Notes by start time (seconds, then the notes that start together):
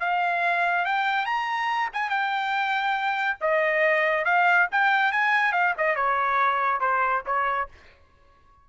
0.00 F5
0.85 G5
1.26 A#5
1.93 G#5
2.10 G5
3.41 D#5
4.25 F5
4.72 G5
5.12 G#5
5.53 F5
5.78 D#5
5.96 C#5
6.80 C5
7.26 C#5